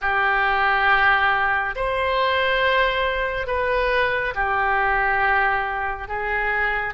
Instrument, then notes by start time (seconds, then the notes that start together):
oboe
0.01 G4
1.75 C5
3.47 B4
4.34 G4
6.08 G#4